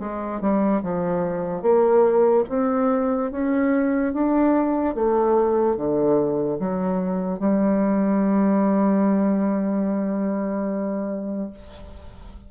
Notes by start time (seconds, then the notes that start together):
0.00 G#3
0.41 G3
0.83 F3
1.63 A#3
2.49 C4
3.32 C#4
4.14 D4
4.95 A3
5.77 D3
6.60 F#3
7.40 G3